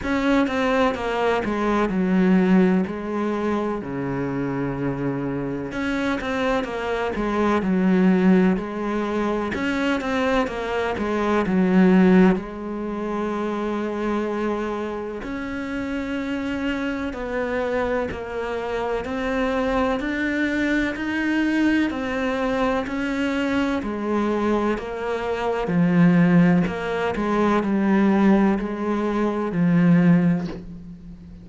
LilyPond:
\new Staff \with { instrumentName = "cello" } { \time 4/4 \tempo 4 = 63 cis'8 c'8 ais8 gis8 fis4 gis4 | cis2 cis'8 c'8 ais8 gis8 | fis4 gis4 cis'8 c'8 ais8 gis8 | fis4 gis2. |
cis'2 b4 ais4 | c'4 d'4 dis'4 c'4 | cis'4 gis4 ais4 f4 | ais8 gis8 g4 gis4 f4 | }